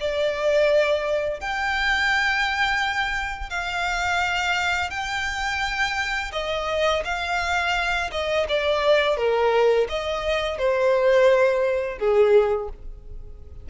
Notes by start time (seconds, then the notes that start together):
0.00 D5
1.40 G5
3.50 F5
4.90 G5
6.32 D#5
7.05 F5
8.11 D#5
8.49 D5
9.17 A#4
9.89 D#5
10.59 C5
11.99 G#4